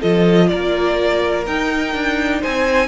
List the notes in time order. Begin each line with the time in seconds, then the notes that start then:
0.00 F3 F4 A4 D#5
0.48 A#3 A#4 D5
1.46 D#4 G5
1.94 D4
2.40 C4 C5 G#5